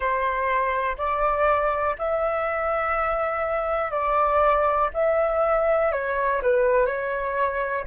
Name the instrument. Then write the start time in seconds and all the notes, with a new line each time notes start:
flute
0.00 C5
0.97 D5
1.98 E5
3.91 D5
4.93 E5
5.92 C#5
6.42 B4
6.85 C#5